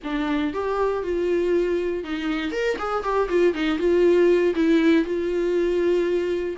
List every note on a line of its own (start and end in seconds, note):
0.03 0.53 D4
0.53 1.03 G4
1.03 2.04 F4
2.04 2.51 D#4
2.51 2.76 A#4
2.78 3.03 G#4
3.03 3.28 G4
3.29 3.53 F4
3.53 3.78 D#4
3.78 4.54 F4
4.55 5.04 E4
5.04 6.56 F4